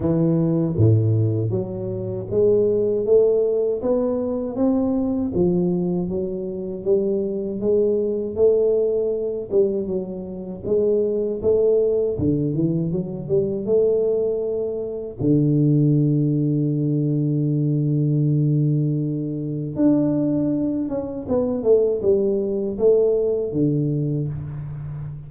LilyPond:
\new Staff \with { instrumentName = "tuba" } { \time 4/4 \tempo 4 = 79 e4 a,4 fis4 gis4 | a4 b4 c'4 f4 | fis4 g4 gis4 a4~ | a8 g8 fis4 gis4 a4 |
d8 e8 fis8 g8 a2 | d1~ | d2 d'4. cis'8 | b8 a8 g4 a4 d4 | }